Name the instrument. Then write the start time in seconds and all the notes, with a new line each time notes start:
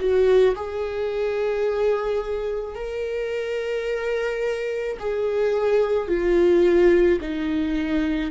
viola
0.00 F#4
0.56 G#4
2.76 A#4
5.00 G#4
6.09 F4
7.22 D#4